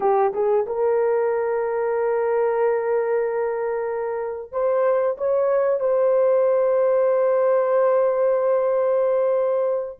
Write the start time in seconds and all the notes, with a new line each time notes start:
0.00 G4
0.33 G#4
0.66 A#4
4.52 C5
5.17 C#5
5.79 C5